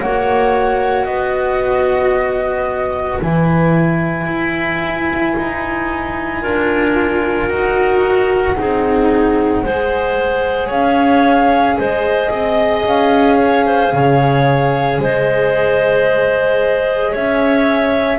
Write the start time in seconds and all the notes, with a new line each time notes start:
0.00 A#3 F#4 C#5 F#5
1.04 B3 B4 D#5
3.21 E3 E4 G#5
4.27 E4
5.37 D#4
6.41 D4 F4 A#4
7.48 D#4 F#4 F#5
8.56 C4 D#4 G#4
9.63 G#3 G#4 C5
10.67 C#4 C#5 F5
11.77 G#3 C5 D#5
12.29 C4 D#5
12.84 C#4 F5
13.37 C#5
13.66 C5
13.92 C#3 C#5
14.98 G#3 C5 D#5
17.10 C#4 C#5 E5